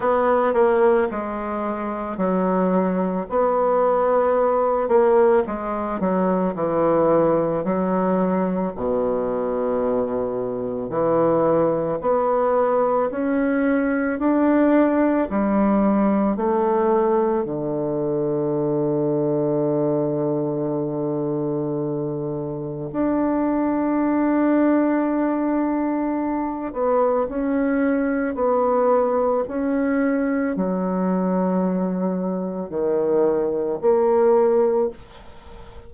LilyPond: \new Staff \with { instrumentName = "bassoon" } { \time 4/4 \tempo 4 = 55 b8 ais8 gis4 fis4 b4~ | b8 ais8 gis8 fis8 e4 fis4 | b,2 e4 b4 | cis'4 d'4 g4 a4 |
d1~ | d4 d'2.~ | d'8 b8 cis'4 b4 cis'4 | fis2 dis4 ais4 | }